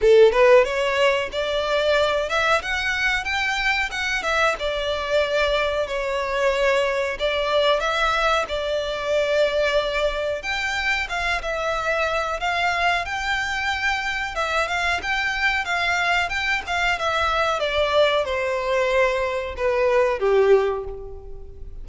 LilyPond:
\new Staff \with { instrumentName = "violin" } { \time 4/4 \tempo 4 = 92 a'8 b'8 cis''4 d''4. e''8 | fis''4 g''4 fis''8 e''8 d''4~ | d''4 cis''2 d''4 | e''4 d''2. |
g''4 f''8 e''4. f''4 | g''2 e''8 f''8 g''4 | f''4 g''8 f''8 e''4 d''4 | c''2 b'4 g'4 | }